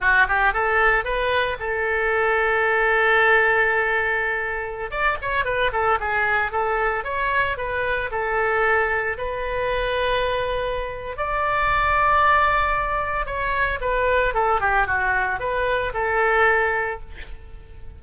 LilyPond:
\new Staff \with { instrumentName = "oboe" } { \time 4/4 \tempo 4 = 113 fis'8 g'8 a'4 b'4 a'4~ | a'1~ | a'4~ a'16 d''8 cis''8 b'8 a'8 gis'8.~ | gis'16 a'4 cis''4 b'4 a'8.~ |
a'4~ a'16 b'2~ b'8.~ | b'4 d''2.~ | d''4 cis''4 b'4 a'8 g'8 | fis'4 b'4 a'2 | }